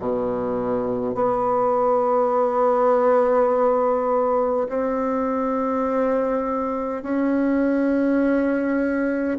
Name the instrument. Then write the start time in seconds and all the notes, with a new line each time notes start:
bassoon
0.00 B2
1.15 B3
4.68 C4
7.03 C#4